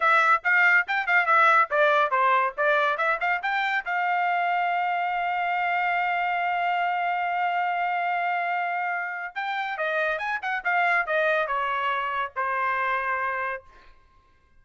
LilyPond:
\new Staff \with { instrumentName = "trumpet" } { \time 4/4 \tempo 4 = 141 e''4 f''4 g''8 f''8 e''4 | d''4 c''4 d''4 e''8 f''8 | g''4 f''2.~ | f''1~ |
f''1~ | f''2 g''4 dis''4 | gis''8 fis''8 f''4 dis''4 cis''4~ | cis''4 c''2. | }